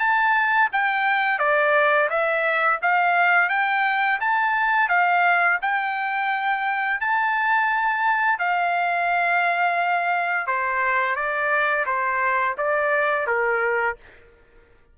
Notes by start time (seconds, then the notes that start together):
0.00 A5
0.73 G5
1.39 D5
2.10 E5
2.83 F5
3.49 G5
4.21 A5
4.89 F5
5.62 G5
7.01 A5
8.39 F5
10.47 C5
11.16 D5
11.86 C5
12.58 D5
13.27 A#4